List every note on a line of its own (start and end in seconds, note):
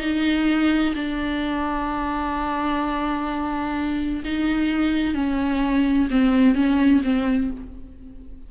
0.00 0.94 D#4
0.95 4.23 D4
4.24 5.14 D#4
5.14 6.08 C#4
6.10 6.55 C4
6.55 7.01 C#4
7.03 7.50 C4